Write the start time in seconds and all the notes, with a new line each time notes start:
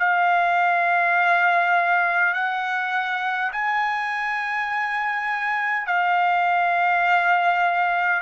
0.00 F5
2.34 F#5
3.52 G#5
5.87 F5